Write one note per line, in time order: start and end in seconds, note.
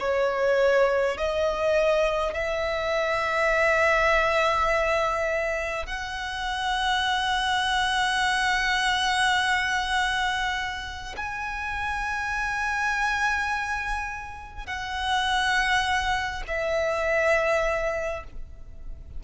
0.00 1.18 C#5
1.18 2.34 D#5
2.34 5.87 E5
5.87 11.16 F#5
11.17 14.67 G#5
14.67 16.43 F#5
16.48 18.24 E5